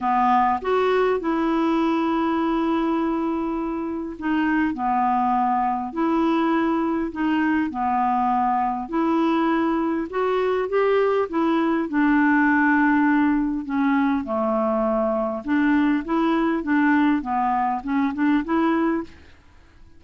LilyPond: \new Staff \with { instrumentName = "clarinet" } { \time 4/4 \tempo 4 = 101 b4 fis'4 e'2~ | e'2. dis'4 | b2 e'2 | dis'4 b2 e'4~ |
e'4 fis'4 g'4 e'4 | d'2. cis'4 | a2 d'4 e'4 | d'4 b4 cis'8 d'8 e'4 | }